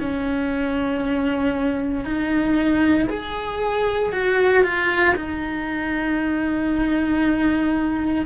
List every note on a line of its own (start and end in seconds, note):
0.00 2.05 C#4
2.05 3.08 D#4
3.09 4.12 G#4
4.12 4.64 F#4
4.64 5.15 F4
5.15 8.26 D#4